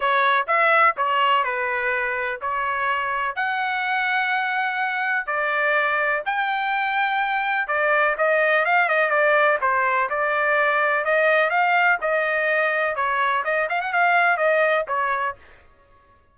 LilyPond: \new Staff \with { instrumentName = "trumpet" } { \time 4/4 \tempo 4 = 125 cis''4 e''4 cis''4 b'4~ | b'4 cis''2 fis''4~ | fis''2. d''4~ | d''4 g''2. |
d''4 dis''4 f''8 dis''8 d''4 | c''4 d''2 dis''4 | f''4 dis''2 cis''4 | dis''8 f''16 fis''16 f''4 dis''4 cis''4 | }